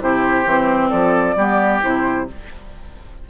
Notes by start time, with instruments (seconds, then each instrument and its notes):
0.00 bassoon C3, clarinet E4, oboe G4, flute C5
0.45 bassoon E3, clarinet C4
0.89 bassoon F3, oboe A4, flute D5
1.36 bassoon G3, clarinet B3, oboe G4
1.81 bassoon C3, clarinet E4, flute C5